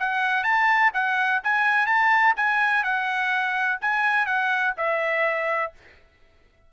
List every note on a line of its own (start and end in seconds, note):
0.00 0.44 F#5
0.44 0.92 A5
0.94 1.42 F#5
1.44 1.87 G#5
1.87 2.34 A5
2.37 2.84 G#5
2.84 3.79 F#5
3.81 4.26 G#5
4.26 4.74 F#5
4.77 5.73 E5